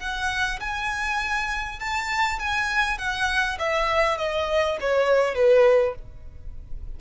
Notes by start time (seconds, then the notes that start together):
0.00 F#5
0.60 G#5
1.80 A5
2.39 G#5
2.98 F#5
3.59 E5
4.18 D#5
4.81 C#5
5.35 B4